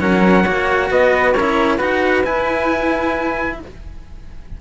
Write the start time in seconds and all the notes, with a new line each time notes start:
0.00 F#3 C#4 A#4 F#5
0.44 A#3 F#4 C#5
0.91 B3 B4 D#5
1.34 C#4 A#4 C#5
1.40 E4
1.78 D#4 F#4 B4 F#5
2.24 E4 G#5